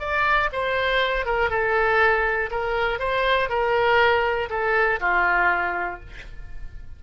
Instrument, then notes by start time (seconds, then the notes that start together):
oboe
0.00 D5
0.53 C5
1.26 A#4
1.51 A4
2.51 A#4
3.00 C5
3.50 A#4
4.50 A4
5.01 F4